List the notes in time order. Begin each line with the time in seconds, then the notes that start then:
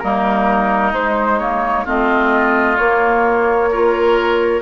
0.00 G3 A#3 D#4 A#4
0.92 G#3 C5
1.39 A#3 C#5
1.85 A3 C4 F4 D#5
2.77 A#3 C#5
3.71 F4 A#4